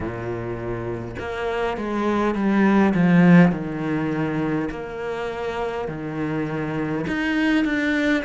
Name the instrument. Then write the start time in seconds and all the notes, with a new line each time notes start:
cello
0.00 A#2
1.19 A#3
1.76 G#3
2.35 G3
2.94 F3
3.51 D#3
4.70 A#3
5.88 D#3
7.07 D#4
7.65 D4